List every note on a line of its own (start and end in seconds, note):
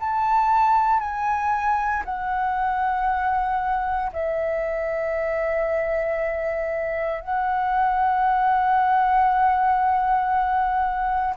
0.00 1.00 A5
1.00 2.03 G#5
2.05 4.12 F#5
4.12 7.21 E5
7.21 11.35 F#5